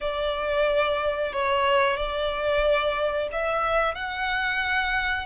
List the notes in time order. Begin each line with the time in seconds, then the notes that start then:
0.00 D5
1.32 C#5
1.96 D5
3.31 E5
3.94 F#5